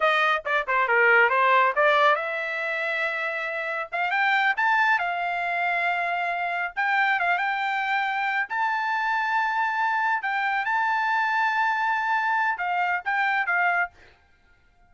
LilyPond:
\new Staff \with { instrumentName = "trumpet" } { \time 4/4 \tempo 4 = 138 dis''4 d''8 c''8 ais'4 c''4 | d''4 e''2.~ | e''4 f''8 g''4 a''4 f''8~ | f''2.~ f''8 g''8~ |
g''8 f''8 g''2~ g''8 a''8~ | a''2.~ a''8 g''8~ | g''8 a''2.~ a''8~ | a''4 f''4 g''4 f''4 | }